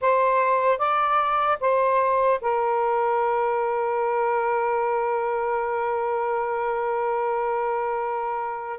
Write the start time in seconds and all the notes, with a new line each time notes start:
0.01 C5
0.78 D5
1.60 C5
2.41 A#4